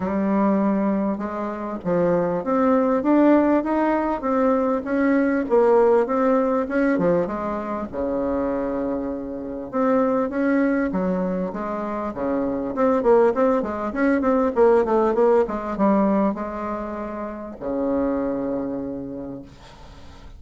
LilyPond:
\new Staff \with { instrumentName = "bassoon" } { \time 4/4 \tempo 4 = 99 g2 gis4 f4 | c'4 d'4 dis'4 c'4 | cis'4 ais4 c'4 cis'8 f8 | gis4 cis2. |
c'4 cis'4 fis4 gis4 | cis4 c'8 ais8 c'8 gis8 cis'8 c'8 | ais8 a8 ais8 gis8 g4 gis4~ | gis4 cis2. | }